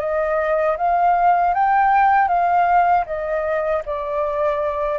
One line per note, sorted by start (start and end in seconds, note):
0.00 0.77 D#5
0.78 1.55 F5
1.55 2.28 G5
2.28 3.05 F5
3.06 3.83 D#5
3.86 4.99 D5